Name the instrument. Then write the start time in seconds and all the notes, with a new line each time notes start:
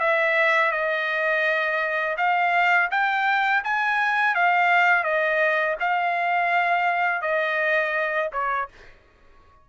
trumpet
0.00 E5
0.72 D#5
2.17 F5
2.91 G5
3.64 G#5
4.35 F5
5.03 D#5
5.80 F5
7.21 D#5
8.32 C#5